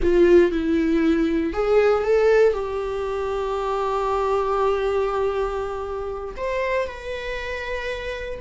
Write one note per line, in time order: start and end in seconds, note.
0.03 0.51 F4
0.51 1.53 E4
1.53 2.03 G#4
2.03 2.53 A4
2.53 6.34 G4
6.36 6.87 C5
6.87 8.40 B4